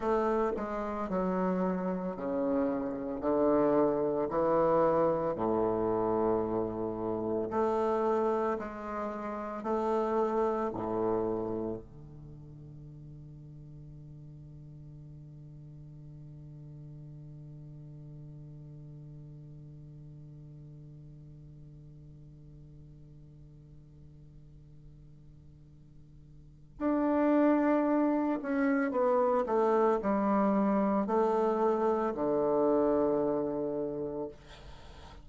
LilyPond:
\new Staff \with { instrumentName = "bassoon" } { \time 4/4 \tempo 4 = 56 a8 gis8 fis4 cis4 d4 | e4 a,2 a4 | gis4 a4 a,4 d4~ | d1~ |
d1~ | d1~ | d4 d'4. cis'8 b8 a8 | g4 a4 d2 | }